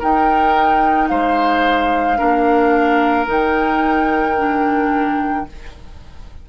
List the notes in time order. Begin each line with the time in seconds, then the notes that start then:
0.00 D#4 A#4 G5
1.08 G#3 C5 F5
2.17 A#3 D4 A#4
3.27 D#3 D#4 G5
4.38 D4